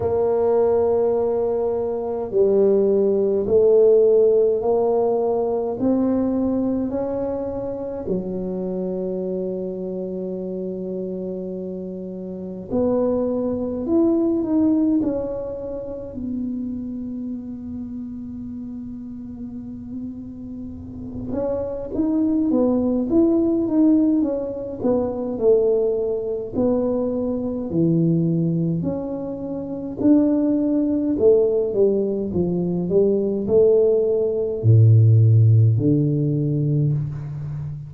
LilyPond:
\new Staff \with { instrumentName = "tuba" } { \time 4/4 \tempo 4 = 52 ais2 g4 a4 | ais4 c'4 cis'4 fis4~ | fis2. b4 | e'8 dis'8 cis'4 b2~ |
b2~ b8 cis'8 dis'8 b8 | e'8 dis'8 cis'8 b8 a4 b4 | e4 cis'4 d'4 a8 g8 | f8 g8 a4 a,4 d4 | }